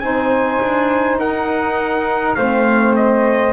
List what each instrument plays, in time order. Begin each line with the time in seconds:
0.00 double bass C4, saxophone D#4, flute C5, trumpet G#5
0.61 double bass D4
1.19 double bass D#4, flute A#4, trumpet F#5
2.35 double bass A3, saxophone C4, flute C5, trumpet F5
2.96 trumpet D#5